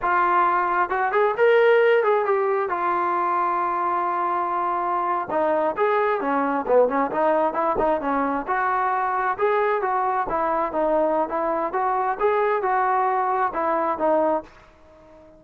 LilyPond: \new Staff \with { instrumentName = "trombone" } { \time 4/4 \tempo 4 = 133 f'2 fis'8 gis'8 ais'4~ | ais'8 gis'8 g'4 f'2~ | f'2.~ f'8. dis'16~ | dis'8. gis'4 cis'4 b8 cis'8 dis'16~ |
dis'8. e'8 dis'8 cis'4 fis'4~ fis'16~ | fis'8. gis'4 fis'4 e'4 dis'16~ | dis'4 e'4 fis'4 gis'4 | fis'2 e'4 dis'4 | }